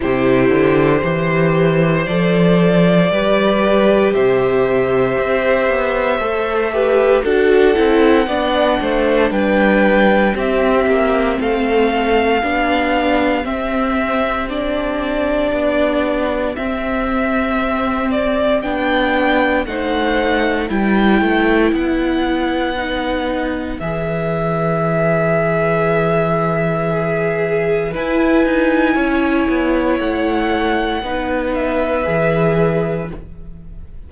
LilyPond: <<
  \new Staff \with { instrumentName = "violin" } { \time 4/4 \tempo 4 = 58 c''2 d''2 | e''2. fis''4~ | fis''4 g''4 e''4 f''4~ | f''4 e''4 d''2 |
e''4. d''8 g''4 fis''4 | g''4 fis''2 e''4~ | e''2. gis''4~ | gis''4 fis''4. e''4. | }
  \new Staff \with { instrumentName = "violin" } { \time 4/4 g'4 c''2 b'4 | c''2~ c''8 b'8 a'4 | d''8 c''8 b'4 g'4 a'4 | g'1~ |
g'2. c''4 | b'1~ | b'2 gis'4 b'4 | cis''2 b'2 | }
  \new Staff \with { instrumentName = "viola" } { \time 4/4 e'4 g'4 a'4 g'4~ | g'2 a'8 g'8 fis'8 e'8 | d'2 c'2 | d'4 c'4 d'2 |
c'2 d'4 dis'4 | e'2 dis'4 gis'4~ | gis'2. e'4~ | e'2 dis'4 gis'4 | }
  \new Staff \with { instrumentName = "cello" } { \time 4/4 c8 d8 e4 f4 g4 | c4 c'8 b8 a4 d'8 c'8 | b8 a8 g4 c'8 ais8 a4 | b4 c'2 b4 |
c'2 b4 a4 | g8 a8 b2 e4~ | e2. e'8 dis'8 | cis'8 b8 a4 b4 e4 | }
>>